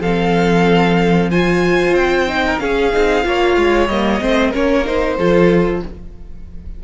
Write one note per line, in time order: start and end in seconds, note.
0.00 1.92 F3
0.00 1.32 C4
0.00 1.30 A4
0.00 1.31 F5
1.31 2.28 F4
1.31 2.44 C5
1.31 1.95 G#5
1.92 2.57 C4
1.92 2.59 G5
2.28 2.60 D#4
2.47 2.62 A#4
2.59 2.93 C#4
2.59 3.27 G#4
2.59 3.88 F5
2.93 3.25 C4
2.93 3.24 D#4
3.24 3.57 A#3
3.24 3.88 F4
3.24 4.22 C#5
3.57 3.89 G#3
3.88 4.21 G3
3.88 4.22 A#3
3.88 4.52 D#5
4.21 4.54 A3
4.21 4.53 C4
4.21 4.51 C5
4.51 5.18 A#3
4.51 4.85 C#4
4.51 5.16 A#4
4.51 4.87 C#5
4.85 5.17 D#4
4.85 5.83 C5
5.18 5.83 F3
5.18 5.84 F4
5.18 5.83 A4